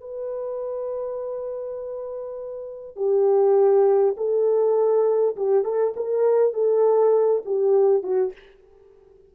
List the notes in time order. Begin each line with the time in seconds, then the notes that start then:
0.00 B4
2.96 G4
4.17 A4
5.36 G4
5.64 A4
5.96 A#4
6.53 A4
7.45 G4
8.03 F#4